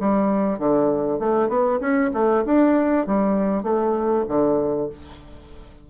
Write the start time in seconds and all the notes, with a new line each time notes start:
0.00 G3
0.59 D3
1.19 A3
1.49 B3
1.80 C#4
2.13 A3
2.45 D4
3.07 G3
3.63 A3
4.29 D3